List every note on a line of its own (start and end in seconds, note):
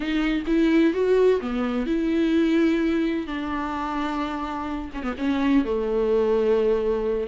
0.00 0.43 D#4
0.47 0.93 E4
0.93 1.40 F#4
1.41 1.86 B3
1.86 3.26 E4
3.26 4.90 D4
4.93 5.02 C#4
5.02 5.14 B3
5.18 5.65 C#4
5.65 7.27 A3